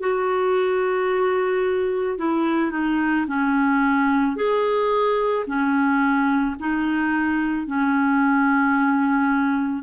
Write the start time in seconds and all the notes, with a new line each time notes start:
0.00 F#4
2.18 E4
2.71 D#4
3.27 C#4
4.36 G#4
5.46 C#4
6.59 D#4
7.67 C#4